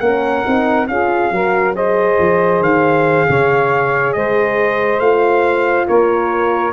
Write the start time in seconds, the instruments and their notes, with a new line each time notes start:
0.00 tuba A#3, horn C#4, saxophone A#4, trumpet F#5
0.44 tuba C4, horn D#4
0.88 tuba C#4, horn F4, saxophone G#4, trumpet F5
1.31 tuba F#3, horn F#4, saxophone A#4
1.75 horn G#4, saxophone C5, trumpet D#5
2.19 tuba F3
2.60 tuba D#3, trumpet F5
3.29 tuba C#3, saxophone C#5
4.13 tuba G#3, saxophone C5, trumpet D#5
4.99 tuba A3, horn F4, trumpet F5
5.87 tuba A#3, saxophone A#4, trumpet C#5